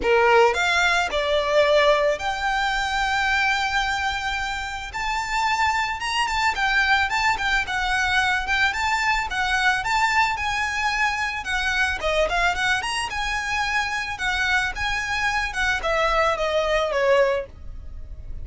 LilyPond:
\new Staff \with { instrumentName = "violin" } { \time 4/4 \tempo 4 = 110 ais'4 f''4 d''2 | g''1~ | g''4 a''2 ais''8 a''8 | g''4 a''8 g''8 fis''4. g''8 |
a''4 fis''4 a''4 gis''4~ | gis''4 fis''4 dis''8 f''8 fis''8 ais''8 | gis''2 fis''4 gis''4~ | gis''8 fis''8 e''4 dis''4 cis''4 | }